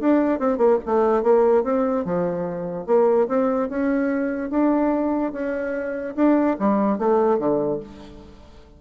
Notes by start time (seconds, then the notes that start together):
0.00 D4
0.39 C4
0.58 A#3
0.86 A3
1.23 A#3
1.64 C4
2.05 F3
2.87 A#3
3.28 C4
3.69 C#4
4.50 D4
5.33 C#4
6.16 D4
6.59 G3
6.98 A3
7.39 D3